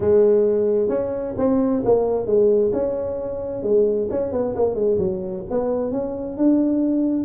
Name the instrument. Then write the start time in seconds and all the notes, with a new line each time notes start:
tuba
0.00 G#3
0.88 C#4
1.37 C4
1.85 A#3
2.26 G#3
2.72 C#4
3.62 G#3
4.10 C#4
4.32 B3
4.55 A#3
4.75 G#3
4.98 F#3
5.50 B3
5.91 C#4
6.37 D4